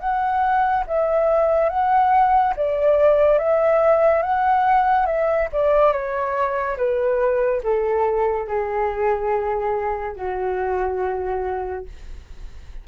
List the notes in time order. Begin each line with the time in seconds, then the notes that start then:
0.00 F#5
0.87 E5
1.70 F#5
2.57 D5
3.39 E5
4.23 F#5
5.06 E5
5.53 D5
5.93 C#5
6.78 B4
7.64 A4
8.48 G#4
10.16 F#4